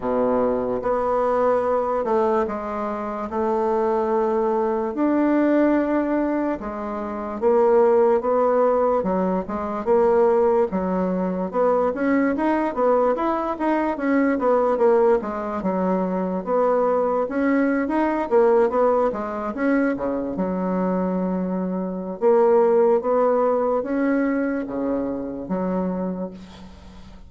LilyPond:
\new Staff \with { instrumentName = "bassoon" } { \time 4/4 \tempo 4 = 73 b,4 b4. a8 gis4 | a2 d'2 | gis4 ais4 b4 fis8 gis8 | ais4 fis4 b8 cis'8 dis'8 b8 |
e'8 dis'8 cis'8 b8 ais8 gis8 fis4 | b4 cis'8. dis'8 ais8 b8 gis8 cis'16~ | cis'16 cis8 fis2~ fis16 ais4 | b4 cis'4 cis4 fis4 | }